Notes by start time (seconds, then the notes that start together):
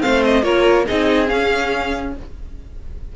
0.00 A3 C4 C5 F5
0.24 D#5
0.43 A#3 F4 A#4 C#5
0.87 C4 D#4 G#4 D#5
1.27 C#4 F5